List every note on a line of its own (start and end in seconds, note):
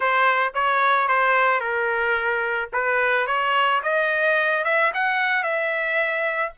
0.00 0.53 C5
0.54 1.08 C#5
1.08 1.60 C5
1.60 2.69 A#4
2.72 3.27 B4
3.27 3.81 C#5
3.82 4.64 D#5
4.64 4.91 E5
4.94 5.43 F#5
5.43 6.52 E5